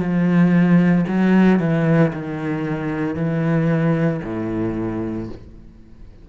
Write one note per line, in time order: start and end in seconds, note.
0.00 1.05 F3
1.08 1.60 F#3
1.60 2.12 E3
2.13 3.16 D#3
3.16 4.21 E3
4.24 5.29 A2